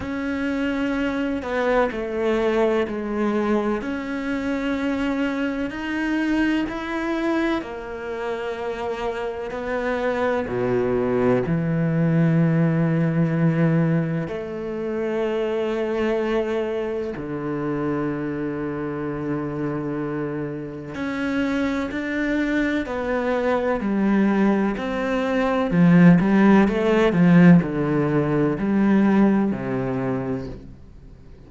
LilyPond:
\new Staff \with { instrumentName = "cello" } { \time 4/4 \tempo 4 = 63 cis'4. b8 a4 gis4 | cis'2 dis'4 e'4 | ais2 b4 b,4 | e2. a4~ |
a2 d2~ | d2 cis'4 d'4 | b4 g4 c'4 f8 g8 | a8 f8 d4 g4 c4 | }